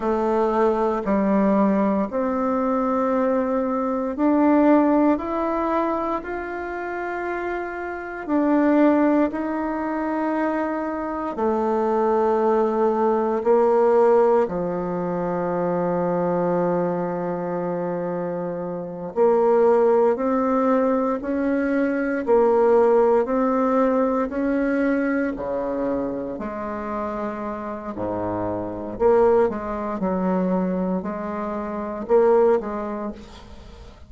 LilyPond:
\new Staff \with { instrumentName = "bassoon" } { \time 4/4 \tempo 4 = 58 a4 g4 c'2 | d'4 e'4 f'2 | d'4 dis'2 a4~ | a4 ais4 f2~ |
f2~ f8 ais4 c'8~ | c'8 cis'4 ais4 c'4 cis'8~ | cis'8 cis4 gis4. gis,4 | ais8 gis8 fis4 gis4 ais8 gis8 | }